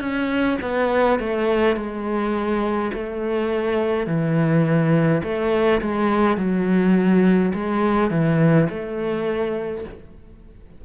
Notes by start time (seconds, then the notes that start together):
0.00 C#4
0.62 B3
1.20 A3
1.76 G#3
2.94 A3
4.07 E3
5.23 A3
5.82 G#3
6.37 F#3
7.54 G#3
8.11 E3
8.70 A3